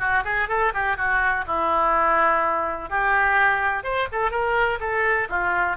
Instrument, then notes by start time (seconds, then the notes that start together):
oboe
0.00 F#4
0.24 G#4
0.49 A4
0.74 G4
0.97 F#4
1.47 E4
2.90 G4
3.84 C5
4.12 A4
4.31 A#4
4.80 A4
5.30 F4